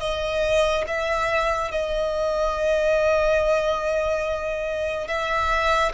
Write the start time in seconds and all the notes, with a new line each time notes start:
0.00 D#5
0.88 E5
1.72 D#5
5.08 E5